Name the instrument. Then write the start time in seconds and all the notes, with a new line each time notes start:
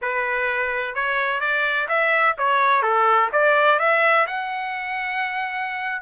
trumpet
0.01 B4
0.94 C#5
1.40 D5
1.88 E5
2.38 C#5
2.82 A4
3.32 D5
3.79 E5
4.26 F#5